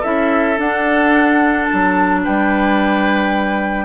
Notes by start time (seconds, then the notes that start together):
0.00 C#4 E4 A4 E5
0.58 D4 F#5
1.65 A5
1.73 F#3
2.24 G3 B4 G5